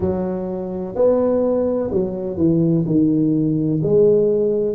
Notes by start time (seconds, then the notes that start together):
0.00 F#3
0.95 B3
1.90 F#3
2.37 E3
2.86 D#3
3.82 G#3